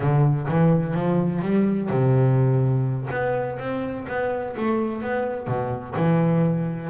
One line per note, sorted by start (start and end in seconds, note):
0.00 0.47 D3
0.47 0.94 E3
0.94 1.42 F3
1.42 1.89 G3
1.89 3.08 C3
3.10 3.58 B3
3.58 4.06 C4
4.07 4.55 B3
4.56 5.02 A3
5.02 5.47 B3
5.47 5.94 B2
5.95 6.89 E3